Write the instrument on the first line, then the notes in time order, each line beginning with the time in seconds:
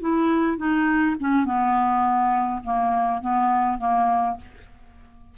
clarinet
0.00 E4
0.57 D#4
1.19 C#4
1.45 B3
2.63 A#3
3.21 B3
3.78 A#3